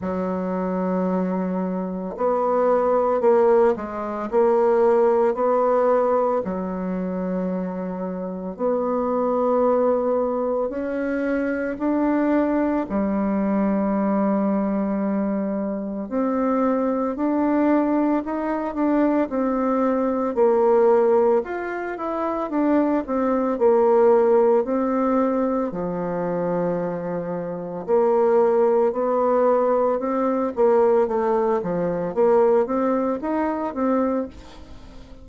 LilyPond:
\new Staff \with { instrumentName = "bassoon" } { \time 4/4 \tempo 4 = 56 fis2 b4 ais8 gis8 | ais4 b4 fis2 | b2 cis'4 d'4 | g2. c'4 |
d'4 dis'8 d'8 c'4 ais4 | f'8 e'8 d'8 c'8 ais4 c'4 | f2 ais4 b4 | c'8 ais8 a8 f8 ais8 c'8 dis'8 c'8 | }